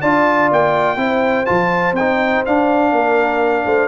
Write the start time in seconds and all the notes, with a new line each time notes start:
0.00 D4 F4 D5 A5
0.51 A#3 G5
0.96 C4 E4 C5
1.46 F3 F4 A5
1.92 C4 G5
1.99 D#4
2.45 D4 F5
2.92 A#3 A#4
3.65 A3 C5